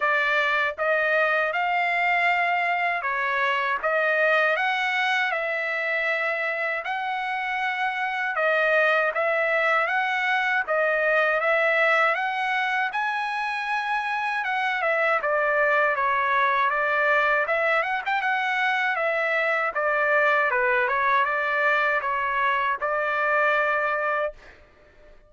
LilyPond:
\new Staff \with { instrumentName = "trumpet" } { \time 4/4 \tempo 4 = 79 d''4 dis''4 f''2 | cis''4 dis''4 fis''4 e''4~ | e''4 fis''2 dis''4 | e''4 fis''4 dis''4 e''4 |
fis''4 gis''2 fis''8 e''8 | d''4 cis''4 d''4 e''8 fis''16 g''16 | fis''4 e''4 d''4 b'8 cis''8 | d''4 cis''4 d''2 | }